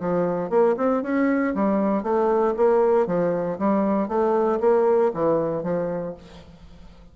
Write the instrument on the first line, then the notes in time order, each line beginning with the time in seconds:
bassoon
0.00 F3
0.50 A#3
0.77 C4
1.03 C#4
1.55 G3
2.03 A3
2.57 A#3
3.07 F3
3.59 G3
4.08 A3
4.60 A#3
5.14 E3
5.63 F3